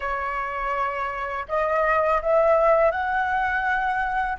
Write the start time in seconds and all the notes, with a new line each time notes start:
0.00 C#5
1.48 D#5
2.22 E5
2.91 F#5